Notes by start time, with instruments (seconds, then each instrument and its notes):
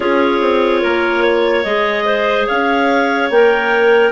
0.00 bassoon C#4, clarinet F4 G#4 C#5
0.41 bassoon C4
0.81 bassoon A#3, clarinet A#4
1.22 clarinet C#5
1.63 bassoon G#3, clarinet G#4 D#5
2.05 clarinet C5
2.46 bassoon C#4, clarinet C#5 F5
3.30 bassoon A#3, clarinet A#4 G5